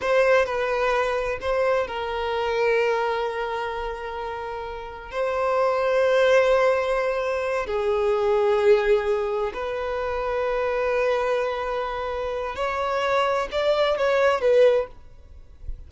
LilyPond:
\new Staff \with { instrumentName = "violin" } { \time 4/4 \tempo 4 = 129 c''4 b'2 c''4 | ais'1~ | ais'2. c''4~ | c''1~ |
c''8 gis'2.~ gis'8~ | gis'8 b'2.~ b'8~ | b'2. cis''4~ | cis''4 d''4 cis''4 b'4 | }